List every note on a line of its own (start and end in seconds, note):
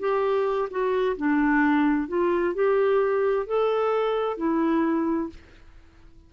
0.00 0.69 G4
0.71 1.17 F#4
1.17 2.09 D4
2.09 2.55 F4
2.55 3.47 G4
3.47 4.38 A4
4.38 5.30 E4